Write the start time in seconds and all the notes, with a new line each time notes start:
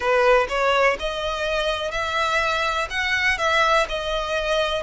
0.00 B4
0.48 C#5
0.99 D#5
1.91 E5
2.90 F#5
3.38 E5
3.88 D#5